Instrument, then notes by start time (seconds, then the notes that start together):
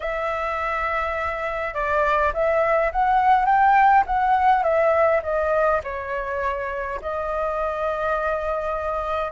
flute
0.00 E5
1.74 D5
2.33 E5
2.92 F#5
3.45 G5
4.06 F#5
4.63 E5
5.23 D#5
5.83 C#5
7.01 D#5